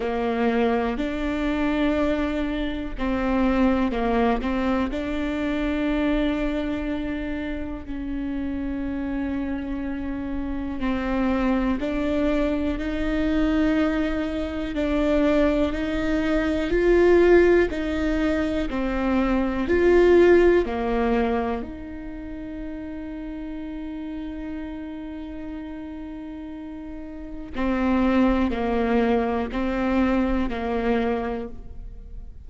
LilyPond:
\new Staff \with { instrumentName = "viola" } { \time 4/4 \tempo 4 = 61 ais4 d'2 c'4 | ais8 c'8 d'2. | cis'2. c'4 | d'4 dis'2 d'4 |
dis'4 f'4 dis'4 c'4 | f'4 ais4 dis'2~ | dis'1 | c'4 ais4 c'4 ais4 | }